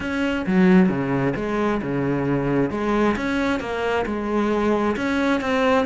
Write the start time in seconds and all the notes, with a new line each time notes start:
0.00 C#4
0.46 F#3
0.88 C#3
1.36 G#3
1.82 C#3
2.70 G#3
3.16 C#4
3.60 A#3
4.05 G#3
4.96 C#4
5.41 C4